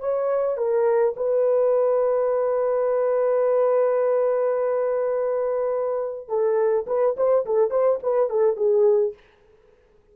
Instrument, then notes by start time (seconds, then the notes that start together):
horn
0.00 C#5
0.57 A#4
1.16 B4
6.28 A4
6.87 B4
7.17 C5
7.46 A4
7.71 C5
8.03 B4
8.30 A4
8.56 G#4